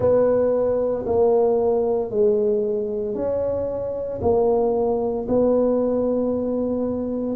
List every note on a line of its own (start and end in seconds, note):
0.00 1.05 B3
1.06 2.10 A#3
2.10 3.14 G#3
3.14 4.20 C#4
4.21 5.26 A#3
5.28 7.36 B3